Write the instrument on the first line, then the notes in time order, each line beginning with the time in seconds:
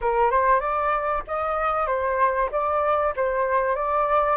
flute
0.01 A#4
0.31 C5
0.60 D5
1.27 D#5
1.87 C5
2.51 D5
3.16 C5
3.75 D5